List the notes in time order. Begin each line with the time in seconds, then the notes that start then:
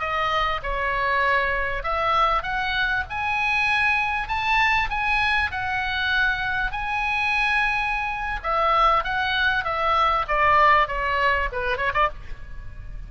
0.00 D#5
0.63 C#5
1.83 E5
2.43 F#5
3.10 G#5
4.28 A5
4.90 G#5
5.52 F#5
6.72 G#5
8.44 E5
9.04 F#5
9.65 E5
10.28 D5
10.88 C#5
11.52 B4
11.77 C#5
11.94 D5